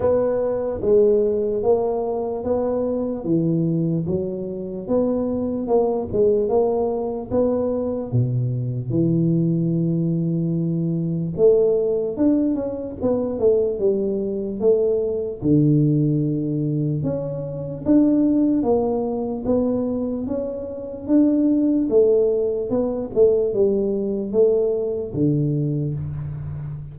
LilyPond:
\new Staff \with { instrumentName = "tuba" } { \time 4/4 \tempo 4 = 74 b4 gis4 ais4 b4 | e4 fis4 b4 ais8 gis8 | ais4 b4 b,4 e4~ | e2 a4 d'8 cis'8 |
b8 a8 g4 a4 d4~ | d4 cis'4 d'4 ais4 | b4 cis'4 d'4 a4 | b8 a8 g4 a4 d4 | }